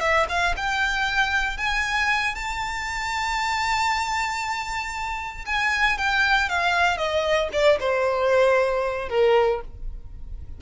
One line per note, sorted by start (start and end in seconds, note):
0.00 0.26 E5
0.29 0.55 F5
0.56 1.57 G5
1.57 2.35 G#5
2.35 5.45 A5
5.46 5.97 G#5
5.98 6.49 G5
6.49 6.97 F5
6.97 7.49 D#5
7.52 7.78 D5
7.80 9.09 C5
9.09 9.61 A#4